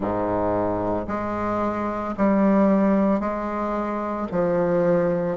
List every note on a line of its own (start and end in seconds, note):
0.00 1.07 G#2
1.07 2.14 G#3
2.17 3.19 G3
3.19 4.27 G#3
4.31 5.37 F3